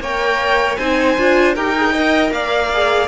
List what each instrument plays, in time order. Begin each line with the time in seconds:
0.00 cello A#3, viola A#4, violin C#5 G5
0.77 cello C4, viola D#4, violin C5 G#5
1.18 cello D4, viola F4
1.55 cello D#4, viola G4, violin A#4 G5
1.76 viola G#4
1.93 viola A#4, violin D#5
2.31 cello A#3, violin D5 F5
2.73 viola G#4